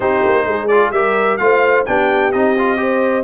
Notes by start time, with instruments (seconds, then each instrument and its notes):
0.00 tuba C4, trombone D#4, horn G4, trumpet C5
0.24 tuba A#3
0.45 tuba G#3, horn G#4
0.67 trombone F4, trumpet D5
0.91 tuba G3, trombone G4, horn A#4, trumpet E5
1.37 tuba A3, trombone F4, horn C5, trumpet F5
1.85 tuba B3, trombone D4, horn G4, trumpet G5
2.32 tuba C4, trombone D#4, trumpet D#5
2.58 trombone F4
2.76 trombone G4, horn C5